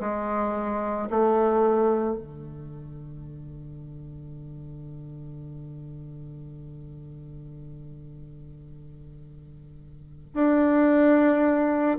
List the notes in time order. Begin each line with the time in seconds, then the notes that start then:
0.00 G#3
1.11 A3
2.17 D3
10.34 D4